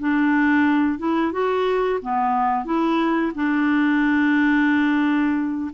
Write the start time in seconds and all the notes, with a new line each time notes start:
0.00 D4
0.99 E4
1.32 F#4
2.02 B3
2.65 E4
3.35 D4